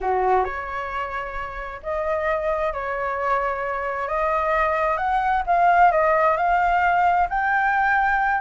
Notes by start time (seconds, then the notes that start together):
0.00 F#4
0.44 C#5
1.82 D#5
2.73 C#5
4.08 D#5
4.97 F#5
5.46 F5
5.91 D#5
6.36 F5
7.29 G5